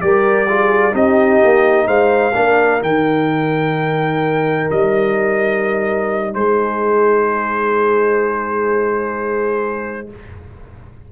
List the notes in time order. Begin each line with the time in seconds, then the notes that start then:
0.00 G3 G4 A#4 D5
0.48 F4 G#4
0.92 C4 D#4 G4 D#5
1.44 A#3
1.87 G#3 C5 F5
2.34 A#3 D4 A#4
2.80 D#3 D#4 G5
4.71 G3 D#5
6.34 G#3 G#4 C5